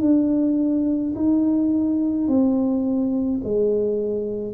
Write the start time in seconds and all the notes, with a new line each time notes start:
0.00 D4
1.15 D#4
2.27 C4
3.43 G#3